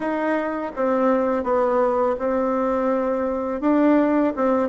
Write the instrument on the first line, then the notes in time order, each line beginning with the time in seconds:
bassoon
0.00 D#4
0.76 C4
1.43 B3
2.19 C4
3.60 D4
4.35 C4